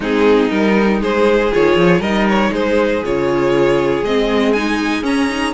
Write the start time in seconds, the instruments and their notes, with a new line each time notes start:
0.00 cello G#3, viola C4, violin D#4 G#4
0.50 cello G3, viola D#4, violin A#4
1.01 cello G#3, violin G#4 C5
1.51 cello D#3, viola F4, violin C#5
1.76 cello F3
1.99 cello G3, viola D#4, violin A#4 D#5
2.29 violin C#5
2.51 cello G#3, violin G#4 C5
3.04 cello C#3, viola F4, violin C#5
4.02 cello G#3, viola C4, violin D#5
4.52 viola D#4, violin G#5
5.02 viola C#4, cello C#4, violin A#5
5.29 viola D#4